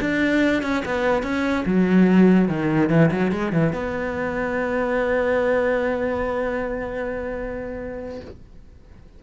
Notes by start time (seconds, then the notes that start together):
0.00 D4
0.62 C#4
0.85 B3
1.22 C#4
1.65 F#3
2.48 D#3
2.89 E3
3.11 F#3
3.31 G#3
3.52 E3
3.73 B3